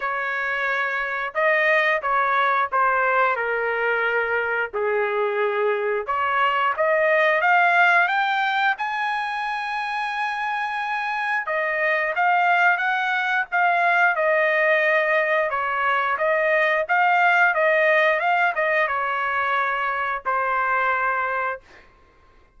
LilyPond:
\new Staff \with { instrumentName = "trumpet" } { \time 4/4 \tempo 4 = 89 cis''2 dis''4 cis''4 | c''4 ais'2 gis'4~ | gis'4 cis''4 dis''4 f''4 | g''4 gis''2.~ |
gis''4 dis''4 f''4 fis''4 | f''4 dis''2 cis''4 | dis''4 f''4 dis''4 f''8 dis''8 | cis''2 c''2 | }